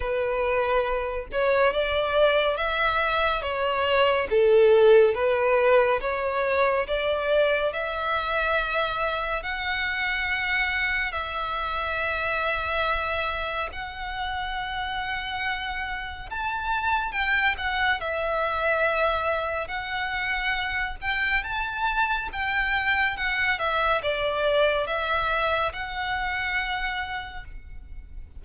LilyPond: \new Staff \with { instrumentName = "violin" } { \time 4/4 \tempo 4 = 70 b'4. cis''8 d''4 e''4 | cis''4 a'4 b'4 cis''4 | d''4 e''2 fis''4~ | fis''4 e''2. |
fis''2. a''4 | g''8 fis''8 e''2 fis''4~ | fis''8 g''8 a''4 g''4 fis''8 e''8 | d''4 e''4 fis''2 | }